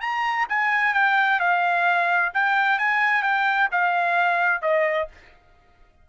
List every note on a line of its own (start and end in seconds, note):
0.00 0.46 A#5
0.49 0.94 G#5
0.94 1.40 G5
1.40 2.32 F5
2.33 2.78 G5
2.78 3.22 G#5
3.22 3.68 G5
3.71 4.62 F5
4.62 5.08 D#5